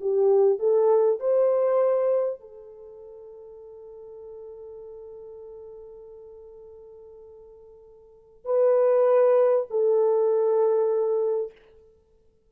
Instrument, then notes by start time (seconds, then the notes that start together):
horn
0.00 G4
0.59 A4
1.20 C5
2.40 A4
8.45 B4
9.70 A4